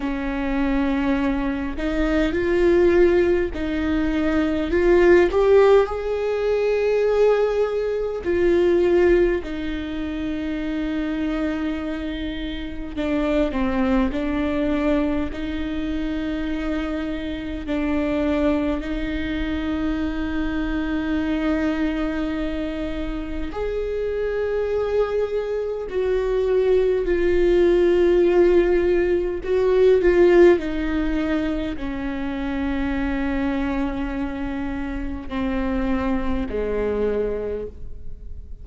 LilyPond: \new Staff \with { instrumentName = "viola" } { \time 4/4 \tempo 4 = 51 cis'4. dis'8 f'4 dis'4 | f'8 g'8 gis'2 f'4 | dis'2. d'8 c'8 | d'4 dis'2 d'4 |
dis'1 | gis'2 fis'4 f'4~ | f'4 fis'8 f'8 dis'4 cis'4~ | cis'2 c'4 gis4 | }